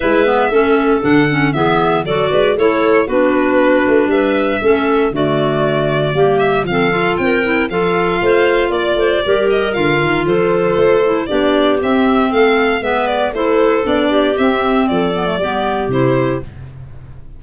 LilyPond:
<<
  \new Staff \with { instrumentName = "violin" } { \time 4/4 \tempo 4 = 117 e''2 fis''4 e''4 | d''4 cis''4 b'2 | e''2 d''2~ | d''8 e''8 f''4 g''4 f''4~ |
f''4 d''4. dis''8 f''4 | c''2 d''4 e''4 | f''4 e''8 d''8 c''4 d''4 | e''4 d''2 c''4 | }
  \new Staff \with { instrumentName = "clarinet" } { \time 4/4 b'4 a'2 gis'4 | a'8 b'8 a'4 fis'2 | b'4 a'4 fis'2 | g'4 a'4 ais'4 a'4 |
c''4 d''8 c''8 ais'2 | a'2 g'2 | a'4 b'4 a'4. g'8~ | g'4 a'4 g'2 | }
  \new Staff \with { instrumentName = "clarinet" } { \time 4/4 e'8 b8 cis'4 d'8 cis'8 b4 | fis'4 e'4 d'2~ | d'4 cis'4 a2 | ais4 c'8 f'4 e'8 f'4~ |
f'2 g'4 f'4~ | f'4. e'8 d'4 c'4~ | c'4 b4 e'4 d'4 | c'4. b16 a16 b4 e'4 | }
  \new Staff \with { instrumentName = "tuba" } { \time 4/4 gis4 a4 d4 e4 | fis8 gis8 a4 b4. a8 | g4 a4 d2 | g4 f4 c'4 f4 |
a4 ais8 a8 g4 d8 dis8 | f4 a4 b4 c'4 | a4 gis4 a4 b4 | c'4 f4 g4 c4 | }
>>